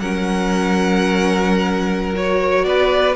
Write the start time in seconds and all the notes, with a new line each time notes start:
0.00 F#3 C#4 A#4 F#5
2.14 F#4 C#5
2.64 B3 B4 D5